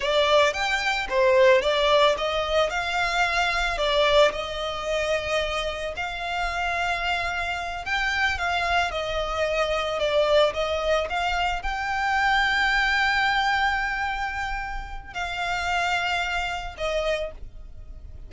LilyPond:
\new Staff \with { instrumentName = "violin" } { \time 4/4 \tempo 4 = 111 d''4 g''4 c''4 d''4 | dis''4 f''2 d''4 | dis''2. f''4~ | f''2~ f''8 g''4 f''8~ |
f''8 dis''2 d''4 dis''8~ | dis''8 f''4 g''2~ g''8~ | g''1 | f''2. dis''4 | }